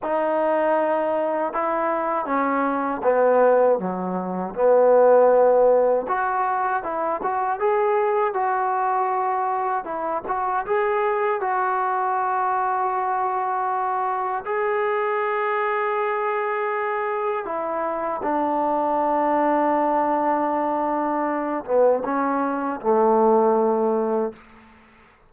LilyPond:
\new Staff \with { instrumentName = "trombone" } { \time 4/4 \tempo 4 = 79 dis'2 e'4 cis'4 | b4 fis4 b2 | fis'4 e'8 fis'8 gis'4 fis'4~ | fis'4 e'8 fis'8 gis'4 fis'4~ |
fis'2. gis'4~ | gis'2. e'4 | d'1~ | d'8 b8 cis'4 a2 | }